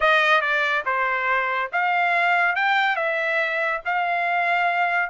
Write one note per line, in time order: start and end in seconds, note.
0.00 0.41 D#5
0.41 0.83 D5
0.85 1.70 C5
1.72 2.55 F5
2.55 2.96 G5
2.96 3.81 E5
3.85 5.09 F5